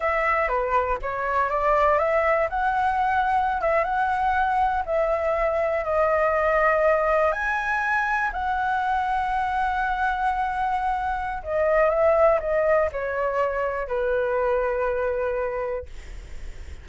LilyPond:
\new Staff \with { instrumentName = "flute" } { \time 4/4 \tempo 4 = 121 e''4 b'4 cis''4 d''4 | e''4 fis''2~ fis''16 e''8 fis''16~ | fis''4.~ fis''16 e''2 dis''16~ | dis''2~ dis''8. gis''4~ gis''16~ |
gis''8. fis''2.~ fis''16~ | fis''2. dis''4 | e''4 dis''4 cis''2 | b'1 | }